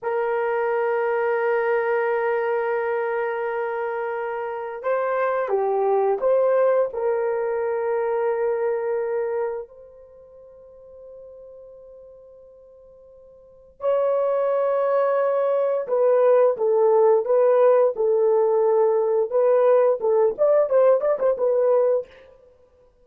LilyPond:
\new Staff \with { instrumentName = "horn" } { \time 4/4 \tempo 4 = 87 ais'1~ | ais'2. c''4 | g'4 c''4 ais'2~ | ais'2 c''2~ |
c''1 | cis''2. b'4 | a'4 b'4 a'2 | b'4 a'8 d''8 c''8 d''16 c''16 b'4 | }